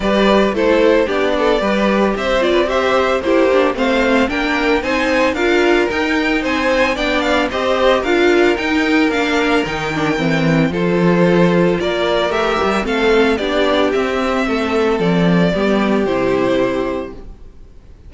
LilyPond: <<
  \new Staff \with { instrumentName = "violin" } { \time 4/4 \tempo 4 = 112 d''4 c''4 d''2 | e''8 d''8 e''4 c''4 f''4 | g''4 gis''4 f''4 g''4 | gis''4 g''8 f''8 dis''4 f''4 |
g''4 f''4 g''2 | c''2 d''4 e''4 | f''4 d''4 e''2 | d''2 c''2 | }
  \new Staff \with { instrumentName = "violin" } { \time 4/4 b'4 a'4 g'8 a'8 b'4 | c''8. b'16 c''4 g'4 c''4 | ais'4 c''4 ais'2 | c''4 d''4 c''4 ais'4~ |
ais'1 | a'2 ais'2 | a'4 g'2 a'4~ | a'4 g'2. | }
  \new Staff \with { instrumentName = "viola" } { \time 4/4 g'4 e'4 d'4 g'4~ | g'8 f'8 g'4 e'8 d'8 c'4 | d'4 dis'4 f'4 dis'4~ | dis'4 d'4 g'4 f'4 |
dis'4 d'4 dis'8 d'8 c'4 | f'2. g'4 | c'4 d'4 c'2~ | c'4 b4 e'2 | }
  \new Staff \with { instrumentName = "cello" } { \time 4/4 g4 a4 b4 g4 | c'2 ais4 a4 | ais4 c'4 d'4 dis'4 | c'4 b4 c'4 d'4 |
dis'4 ais4 dis4 e4 | f2 ais4 a8 g8 | a4 b4 c'4 a4 | f4 g4 c2 | }
>>